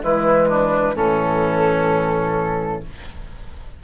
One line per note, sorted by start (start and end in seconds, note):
0.00 0.94 E3
0.00 0.94 G#3
0.00 0.48 E4
0.00 0.96 B4
0.48 0.95 D4
0.94 2.82 A2
0.94 2.82 E3
0.94 2.82 C#4
0.94 2.84 A4